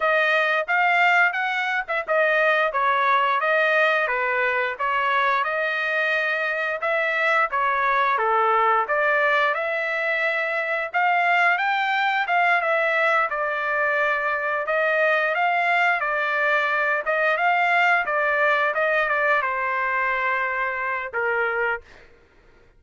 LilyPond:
\new Staff \with { instrumentName = "trumpet" } { \time 4/4 \tempo 4 = 88 dis''4 f''4 fis''8. e''16 dis''4 | cis''4 dis''4 b'4 cis''4 | dis''2 e''4 cis''4 | a'4 d''4 e''2 |
f''4 g''4 f''8 e''4 d''8~ | d''4. dis''4 f''4 d''8~ | d''4 dis''8 f''4 d''4 dis''8 | d''8 c''2~ c''8 ais'4 | }